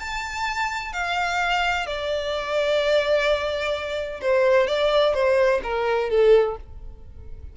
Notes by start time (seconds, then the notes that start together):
0.00 A5
0.93 F5
1.87 D5
4.22 C5
4.68 D5
5.15 C5
5.64 A#4
6.10 A4